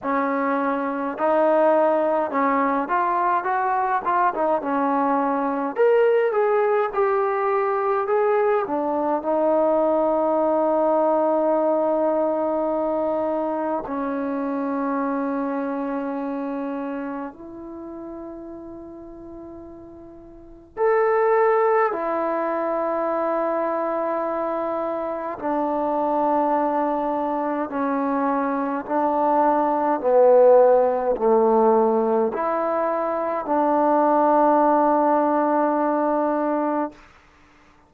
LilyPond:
\new Staff \with { instrumentName = "trombone" } { \time 4/4 \tempo 4 = 52 cis'4 dis'4 cis'8 f'8 fis'8 f'16 dis'16 | cis'4 ais'8 gis'8 g'4 gis'8 d'8 | dis'1 | cis'2. e'4~ |
e'2 a'4 e'4~ | e'2 d'2 | cis'4 d'4 b4 a4 | e'4 d'2. | }